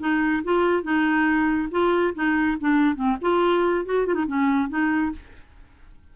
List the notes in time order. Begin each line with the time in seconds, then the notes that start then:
0.00 D#4
0.44 F4
0.83 D#4
1.71 F4
2.15 D#4
2.60 D4
2.95 C4
3.21 F4
3.86 F#4
4.07 F4
4.15 D#4
4.28 C#4
4.69 D#4